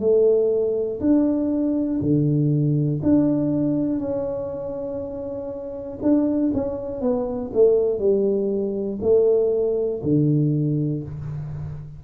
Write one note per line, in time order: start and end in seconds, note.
0.00 1.00 A3
1.00 2.00 D4
2.01 3.01 D3
3.02 3.99 D4
3.99 5.99 C#4
6.02 6.52 D4
6.54 7.01 C#4
7.01 7.51 B3
7.54 7.99 A3
7.99 8.99 G3
9.01 10.01 A3
10.03 11.03 D3